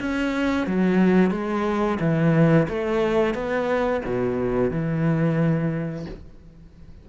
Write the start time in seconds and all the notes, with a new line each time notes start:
0.00 C#4
0.67 F#3
1.31 G#3
2.00 E3
2.69 A3
3.35 B3
4.05 B2
4.71 E3